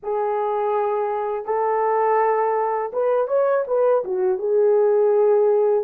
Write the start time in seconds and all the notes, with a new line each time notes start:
0.03 G#4
1.45 A4
2.93 B4
3.27 C#5
3.67 B4
4.04 F#4
4.38 G#4